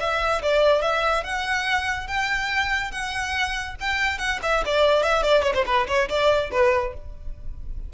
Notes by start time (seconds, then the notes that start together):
0.00 E5
0.42 D5
0.82 E5
1.24 F#5
2.08 G5
2.91 F#5
3.80 G5
4.18 F#5
4.43 E5
4.65 D5
5.03 E5
5.23 D5
5.43 C#5
5.54 C5
5.66 B4
5.88 C#5
6.09 D5
6.51 B4